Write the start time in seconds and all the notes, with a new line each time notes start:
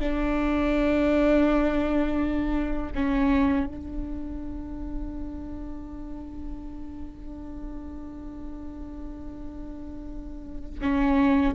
0.00 D4
2.95 C#4
3.67 D4
10.81 C#4